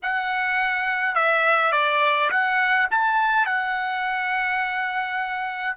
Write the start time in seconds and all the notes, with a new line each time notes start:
0.02 F#5
1.15 E5
1.72 D5
2.30 F#5
2.90 A5
3.45 F#5